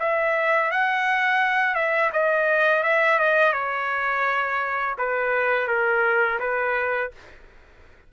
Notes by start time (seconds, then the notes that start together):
0.00 E5
0.71 F#5
1.75 E5
2.13 D#5
2.84 E5
3.19 D#5
3.53 C#5
4.98 B4
5.68 A#4
6.40 B4